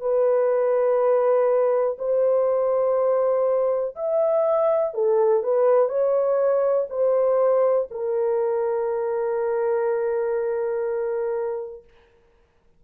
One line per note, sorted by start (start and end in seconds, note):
0.00 1.97 B4
1.98 3.95 C5
3.95 4.94 E5
4.94 5.43 A4
5.43 5.88 B4
5.88 6.87 C#5
6.89 7.88 C5
7.90 11.84 A#4